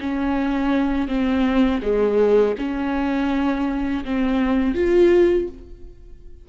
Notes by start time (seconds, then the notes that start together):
0.00 C#4
1.08 C4
1.82 G#3
2.58 C#4
4.04 C4
4.74 F4